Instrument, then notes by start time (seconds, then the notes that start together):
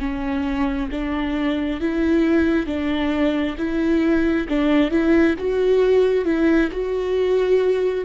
viola
0.00 C#4
0.92 D4
1.81 E4
2.67 D4
3.58 E4
4.49 D4
4.91 E4
5.39 F#4
6.25 E4
6.72 F#4